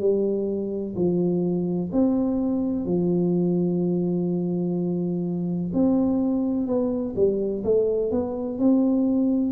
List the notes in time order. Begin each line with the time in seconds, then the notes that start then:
0.00 G3
0.96 F3
1.93 C4
2.86 F3
5.74 C4
6.67 B3
7.16 G3
7.64 A3
8.12 B3
8.59 C4